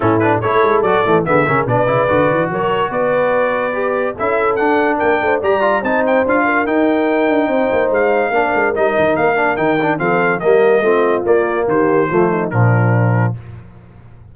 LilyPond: <<
  \new Staff \with { instrumentName = "trumpet" } { \time 4/4 \tempo 4 = 144 a'8 b'8 cis''4 d''4 e''4 | d''2 cis''4 d''4~ | d''2 e''4 fis''4 | g''4 ais''4 a''8 g''8 f''4 |
g''2. f''4~ | f''4 dis''4 f''4 g''4 | f''4 dis''2 d''4 | c''2 ais'2 | }
  \new Staff \with { instrumentName = "horn" } { \time 4/4 e'4 a'2 gis'8 ais'8 | b'2 ais'4 b'4~ | b'2 a'2 | ais'8 c''8 d''4 c''4. ais'8~ |
ais'2 c''2 | ais'1 | a'4 ais'4 f'2 | g'4 f'8 dis'8 d'2 | }
  \new Staff \with { instrumentName = "trombone" } { \time 4/4 cis'8 d'8 e'4 fis'8 a8 b8 cis'8 | d'8 e'8 fis'2.~ | fis'4 g'4 e'4 d'4~ | d'4 g'8 f'8 dis'4 f'4 |
dis'1 | d'4 dis'4. d'8 dis'8 d'8 | c'4 ais4 c'4 ais4~ | ais4 a4 f2 | }
  \new Staff \with { instrumentName = "tuba" } { \time 4/4 a,4 a8 gis8 fis8 e8 d8 cis8 | b,8 cis8 d8 e8 fis4 b4~ | b2 cis'4 d'4 | ais8 a8 g4 c'4 d'4 |
dis'4. d'8 c'8 ais8 gis4 | ais8 gis8 g8 dis8 ais4 dis4 | f4 g4 a4 ais4 | dis4 f4 ais,2 | }
>>